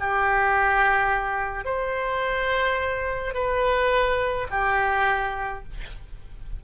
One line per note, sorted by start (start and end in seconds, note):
0.00 1.65 G4
1.65 3.34 C5
3.34 4.48 B4
4.51 5.64 G4